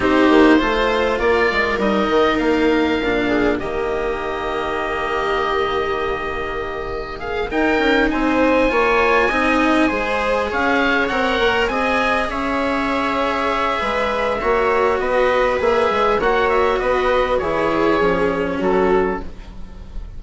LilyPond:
<<
  \new Staff \with { instrumentName = "oboe" } { \time 4/4 \tempo 4 = 100 c''2 d''4 dis''4 | f''2 dis''2~ | dis''1 | f''8 g''4 gis''2~ gis''8~ |
gis''4. f''4 fis''4 gis''8~ | gis''8 e''2.~ e''8~ | e''4 dis''4 e''4 fis''8 e''8 | dis''4 cis''2 a'4 | }
  \new Staff \with { instrumentName = "viola" } { \time 4/4 g'4 c''4 ais'2~ | ais'4. gis'8 g'2~ | g'1 | gis'8 ais'4 c''4 cis''4 dis''8~ |
dis''8 c''4 cis''2 dis''8~ | dis''8 cis''2~ cis''8 b'4 | cis''4 b'2 cis''4 | b'4 gis'2 fis'4 | }
  \new Staff \with { instrumentName = "cello" } { \time 4/4 dis'4 f'2 dis'4~ | dis'4 d'4 ais2~ | ais1~ | ais8 dis'2 f'4 dis'8~ |
dis'8 gis'2 ais'4 gis'8~ | gis'1 | fis'2 gis'4 fis'4~ | fis'4 e'4 cis'2 | }
  \new Staff \with { instrumentName = "bassoon" } { \time 4/4 c'8 ais8 a4 ais8 gis8 g8 dis8 | ais4 ais,4 dis2~ | dis1~ | dis8 dis'8 cis'8 c'4 ais4 c'8~ |
c'8 gis4 cis'4 c'8 ais8 c'8~ | c'8 cis'2~ cis'8 gis4 | ais4 b4 ais8 gis8 ais4 | b4 e4 f4 fis4 | }
>>